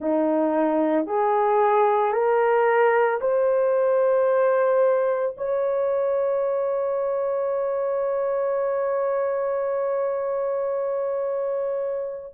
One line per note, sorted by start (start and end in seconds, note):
0.00 1.06 D#4
1.06 2.12 G#4
2.12 3.19 A#4
3.20 5.35 C5
5.37 12.33 C#5